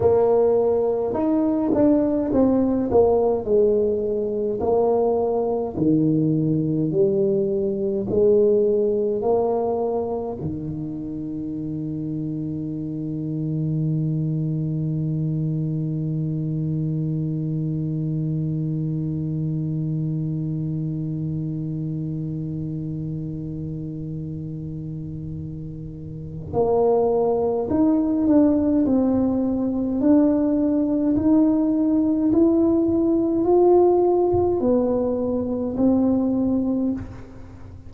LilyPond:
\new Staff \with { instrumentName = "tuba" } { \time 4/4 \tempo 4 = 52 ais4 dis'8 d'8 c'8 ais8 gis4 | ais4 dis4 g4 gis4 | ais4 dis2.~ | dis1~ |
dis1~ | dis2. ais4 | dis'8 d'8 c'4 d'4 dis'4 | e'4 f'4 b4 c'4 | }